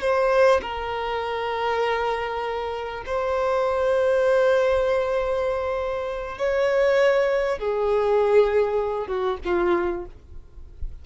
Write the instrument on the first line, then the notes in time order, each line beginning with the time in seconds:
violin
0.00 C5
0.62 A#4
3.06 C5
6.38 C#5
7.58 G#4
9.07 F#4
9.45 F4